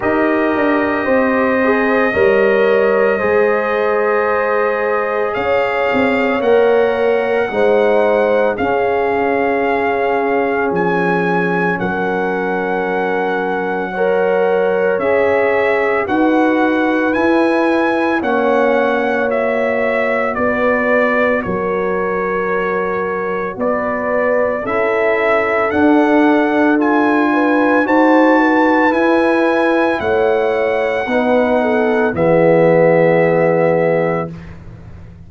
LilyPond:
<<
  \new Staff \with { instrumentName = "trumpet" } { \time 4/4 \tempo 4 = 56 dis''1~ | dis''4 f''4 fis''2 | f''2 gis''4 fis''4~ | fis''2 e''4 fis''4 |
gis''4 fis''4 e''4 d''4 | cis''2 d''4 e''4 | fis''4 gis''4 a''4 gis''4 | fis''2 e''2 | }
  \new Staff \with { instrumentName = "horn" } { \time 4/4 ais'4 c''4 cis''4 c''4~ | c''4 cis''2 c''4 | gis'2. ais'4~ | ais'4 cis''2 b'4~ |
b'4 cis''2 b'4 | ais'2 b'4 a'4~ | a'4. b'8 c''8 b'4. | cis''4 b'8 a'8 gis'2 | }
  \new Staff \with { instrumentName = "trombone" } { \time 4/4 g'4. gis'8 ais'4 gis'4~ | gis'2 ais'4 dis'4 | cis'1~ | cis'4 ais'4 gis'4 fis'4 |
e'4 cis'4 fis'2~ | fis'2. e'4 | d'4 f'4 fis'4 e'4~ | e'4 dis'4 b2 | }
  \new Staff \with { instrumentName = "tuba" } { \time 4/4 dis'8 d'8 c'4 g4 gis4~ | gis4 cis'8 c'8 ais4 gis4 | cis'2 f4 fis4~ | fis2 cis'4 dis'4 |
e'4 ais2 b4 | fis2 b4 cis'4 | d'2 dis'4 e'4 | a4 b4 e2 | }
>>